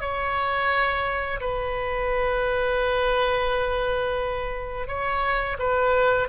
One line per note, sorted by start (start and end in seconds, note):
0.00 1.40 C#5
1.40 4.87 B4
4.87 5.57 C#5
5.58 6.28 B4